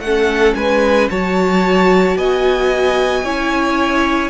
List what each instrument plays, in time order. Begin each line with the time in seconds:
0.00 cello A3, viola C#4, violin A4 F#5
0.55 cello G#3, violin B4 G#5
1.10 cello F#3, viola F#4, violin C#5 A5
2.17 cello B3, violin D#5 G#5
3.24 cello C#4, viola E4, violin C#5